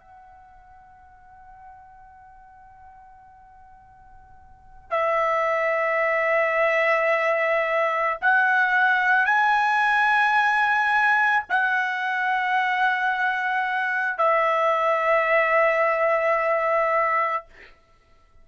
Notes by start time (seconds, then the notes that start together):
0.00 F#5
4.91 E5
8.22 F#5
9.26 G#5
11.49 F#5
14.18 E5